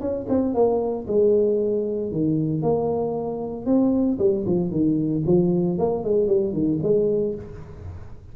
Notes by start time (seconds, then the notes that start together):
0.00 C#4
0.29 C4
0.54 A#3
1.07 G#3
2.11 D#3
2.62 A#3
3.66 C4
4.19 G3
4.46 F3
4.71 D#3
5.26 F3
5.78 A#3
6.04 G#3
6.27 G3
6.53 D#3
6.83 G#3